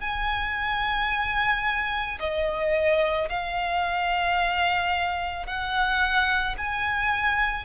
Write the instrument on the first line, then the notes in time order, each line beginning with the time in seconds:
violin
0.00 G#5
2.20 D#5
3.29 F5
5.46 F#5
6.58 G#5